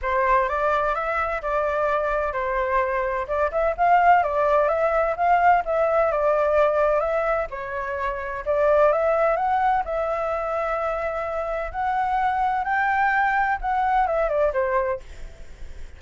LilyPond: \new Staff \with { instrumentName = "flute" } { \time 4/4 \tempo 4 = 128 c''4 d''4 e''4 d''4~ | d''4 c''2 d''8 e''8 | f''4 d''4 e''4 f''4 | e''4 d''2 e''4 |
cis''2 d''4 e''4 | fis''4 e''2.~ | e''4 fis''2 g''4~ | g''4 fis''4 e''8 d''8 c''4 | }